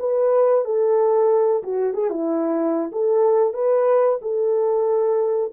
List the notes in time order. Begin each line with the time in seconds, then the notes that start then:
0.00 B4
0.65 A4
1.64 F#4
1.94 G#4
2.10 E4
2.93 A4
3.54 B4
4.22 A4